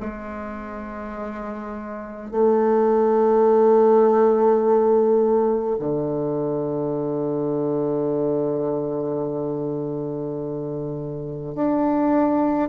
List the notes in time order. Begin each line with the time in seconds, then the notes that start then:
0.00 G#3
2.31 A3
5.79 D3
11.55 D4